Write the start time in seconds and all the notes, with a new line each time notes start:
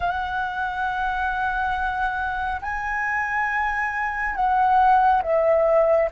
0.00 F#5
2.61 G#5
4.35 F#5
5.22 E5